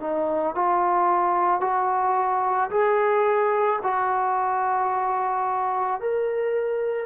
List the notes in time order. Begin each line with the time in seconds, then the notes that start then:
0.00 D#4
0.55 F4
1.60 F#4
2.70 G#4
3.82 F#4
6.00 A#4